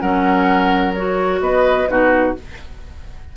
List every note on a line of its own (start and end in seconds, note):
0.00 1.40 F#3
0.00 0.94 C#4
0.00 1.40 A#4
0.00 0.93 F#5
0.94 1.88 F#4
0.94 1.40 C#5
1.40 1.87 B3
1.40 1.88 B4
1.40 1.88 D#5
1.88 2.35 B2
1.88 2.34 D#4
1.88 2.36 F#4
1.88 2.34 B4